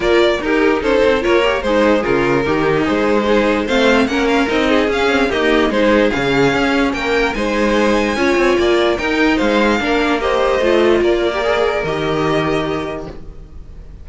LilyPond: <<
  \new Staff \with { instrumentName = "violin" } { \time 4/4 \tempo 4 = 147 d''4 ais'4 c''4 cis''4 | c''4 ais'2 c''4~ | c''4 f''4 fis''8 f''8 dis''4 | f''4 dis''4 c''4 f''4~ |
f''4 g''4 gis''2~ | gis''2 g''4 f''4~ | f''4 dis''2 d''4~ | d''4 dis''2. | }
  \new Staff \with { instrumentName = "violin" } { \time 4/4 ais'4 g'4 a'4 ais'4 | dis'4 f'4 dis'2 | gis'4 c''4 ais'4. gis'8~ | gis'4 g'4 gis'2~ |
gis'4 ais'4 c''2 | cis''4 d''4 ais'4 c''4 | ais'4 c''2 ais'4~ | ais'1 | }
  \new Staff \with { instrumentName = "viola" } { \time 4/4 f'4 dis'2 f'8 g'8 | gis'2 g'4 gis'4 | dis'4 c'4 cis'4 dis'4 | cis'8 c'8 ais4 dis'4 cis'4~ |
cis'2 dis'2 | f'2 dis'2 | d'4 g'4 f'4.~ f'16 g'16 | gis'4 g'2. | }
  \new Staff \with { instrumentName = "cello" } { \time 4/4 ais4 dis'4 cis'8 c'8 ais4 | gis4 cis4 dis4 gis4~ | gis4 a4 ais4 c'4 | cis'4 dis'4 gis4 cis4 |
cis'4 ais4 gis2 | cis'8 c'8 ais4 dis'4 gis4 | ais2 a4 ais4~ | ais4 dis2. | }
>>